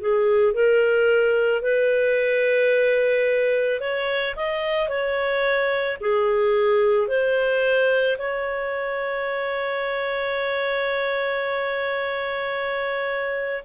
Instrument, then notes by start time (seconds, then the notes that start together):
clarinet
0.00 G#4
0.53 A#4
1.62 B4
3.80 C#5
4.35 D#5
4.88 C#5
6.00 G#4
7.08 C5
8.18 C#5